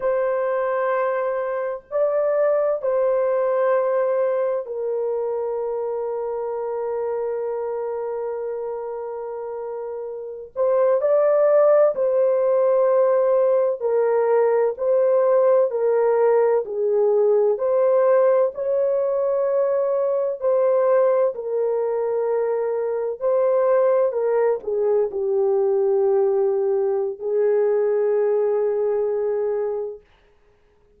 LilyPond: \new Staff \with { instrumentName = "horn" } { \time 4/4 \tempo 4 = 64 c''2 d''4 c''4~ | c''4 ais'2.~ | ais'2.~ ais'16 c''8 d''16~ | d''8. c''2 ais'4 c''16~ |
c''8. ais'4 gis'4 c''4 cis''16~ | cis''4.~ cis''16 c''4 ais'4~ ais'16~ | ais'8. c''4 ais'8 gis'8 g'4~ g'16~ | g'4 gis'2. | }